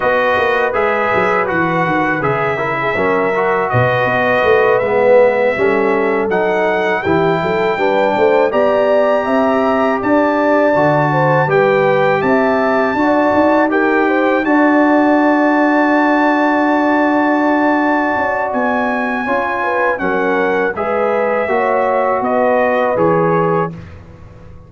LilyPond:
<<
  \new Staff \with { instrumentName = "trumpet" } { \time 4/4 \tempo 4 = 81 dis''4 e''4 fis''4 e''4~ | e''4 dis''4. e''4.~ | e''8 fis''4 g''2 ais''8~ | ais''4. a''2 g''8~ |
g''8 a''2 g''4 a''8~ | a''1~ | a''4 gis''2 fis''4 | e''2 dis''4 cis''4 | }
  \new Staff \with { instrumentName = "horn" } { \time 4/4 b'2.~ b'8 ais'16 gis'16 | ais'4 b'2~ b'8 a'8~ | a'4. g'8 a'8 b'8 c''8 d''8~ | d''8 e''4 d''4. c''8 b'8~ |
b'8 e''4 d''4 ais'8 c''8 d''8~ | d''1~ | d''2 cis''8 b'8 ais'4 | b'4 cis''4 b'2 | }
  \new Staff \with { instrumentName = "trombone" } { \time 4/4 fis'4 gis'4 fis'4 gis'8 e'8 | cis'8 fis'2 b4 cis'8~ | cis'8 dis'4 e'4 d'4 g'8~ | g'2~ g'8 fis'4 g'8~ |
g'4. fis'4 g'4 fis'8~ | fis'1~ | fis'2 f'4 cis'4 | gis'4 fis'2 gis'4 | }
  \new Staff \with { instrumentName = "tuba" } { \time 4/4 b8 ais8 gis8 fis8 e8 dis8 cis4 | fis4 b,8 b8 a8 gis4 g8~ | g8 fis4 e8 fis8 g8 a8 b8~ | b8 c'4 d'4 d4 g8~ |
g8 c'4 d'8 dis'4. d'8~ | d'1~ | d'8 cis'8 b4 cis'4 fis4 | gis4 ais4 b4 e4 | }
>>